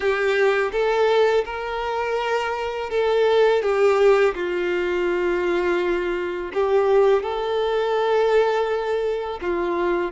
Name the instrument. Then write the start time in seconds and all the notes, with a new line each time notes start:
violin
0.00 G4
0.72 A4
1.45 A#4
2.90 A4
3.62 G4
4.34 F4
6.53 G4
7.22 A4
9.41 F4